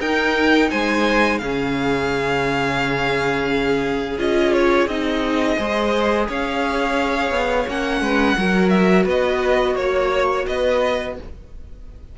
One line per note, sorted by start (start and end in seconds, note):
0.00 0.70 D#4
0.00 1.41 D#4
0.00 0.70 A#4
0.00 0.70 G5
0.70 1.42 G#3
0.70 1.40 C5
0.70 1.39 G#5
1.39 4.19 C#3
1.39 4.19 C#4
1.39 5.58 G#4
1.39 4.18 F5
4.19 4.87 C#4
4.19 4.89 F4
4.19 4.53 D#5
4.53 4.88 C#5
4.87 5.57 C4
4.87 5.58 D#4
4.87 6.28 D#5
5.58 6.29 G#3
5.58 7.67 G#4
5.58 6.27 C5
6.28 7.31 C#4
6.28 8.02 C#5
6.28 7.69 F5
7.31 7.66 B3
7.68 8.01 A#3
7.68 8.37 C#4
7.68 8.69 F#5
8.01 8.36 G#3
8.01 8.37 B4
8.37 9.06 F#3
8.37 11.17 F#4
8.37 9.05 A#4
8.69 9.04 E5
9.05 9.76 B3
9.05 9.75 B4
9.05 9.76 D#5
9.76 10.45 A#3
9.76 10.46 C#5
9.76 10.48 C#5
10.47 11.19 B3
10.47 11.18 B4
10.47 11.16 D#5